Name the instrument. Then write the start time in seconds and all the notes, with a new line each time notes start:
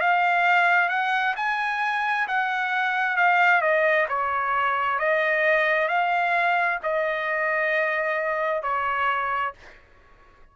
trumpet
0.00 F5
0.89 F#5
1.36 G#5
2.28 F#5
3.17 F5
3.61 D#5
4.09 C#5
4.99 D#5
5.88 F5
6.83 D#5
8.62 C#5